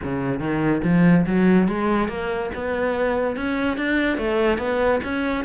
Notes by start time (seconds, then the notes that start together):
0.03 C#3
0.39 D#3
0.83 F3
1.26 F#3
1.67 G#3
2.08 A#3
2.54 B3
3.36 C#4
3.77 D4
4.17 A3
4.58 B3
5.03 C#4